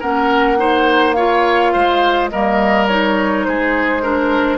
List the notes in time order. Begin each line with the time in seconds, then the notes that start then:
0.00 A#3 C#4 A#4 F#5
0.57 D#4 C5
1.13 F4 C#5 F5
1.73 G#3 C5
2.29 G3 A#3 A#4 D#5
2.87 D#4 C#5
3.44 G#3 G#4 C5
4.02 D4 A#4